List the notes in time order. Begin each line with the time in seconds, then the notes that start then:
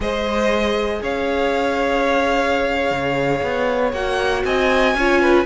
0.00 G#3 G#4 C5 D#5
1.01 C#4 C#5 F5
2.91 C#3
3.42 B3
3.92 A#3 F#4 F#5
4.44 C4 D#5 G#5
4.94 C#4 F4 C#5
5.21 B4